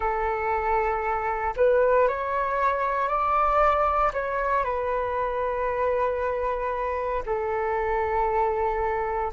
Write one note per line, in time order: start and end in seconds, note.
0.00 1.54 A4
1.56 2.08 B4
2.08 3.08 C#5
3.08 4.11 D5
4.13 4.64 C#5
4.64 7.22 B4
7.26 9.32 A4